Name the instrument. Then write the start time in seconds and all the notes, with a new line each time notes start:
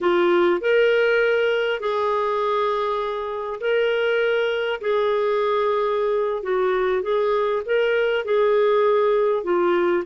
clarinet
0.00 F4
0.61 A#4
1.79 G#4
3.60 A#4
4.81 G#4
6.42 F#4
7.02 G#4
7.65 A#4
8.24 G#4
9.43 F4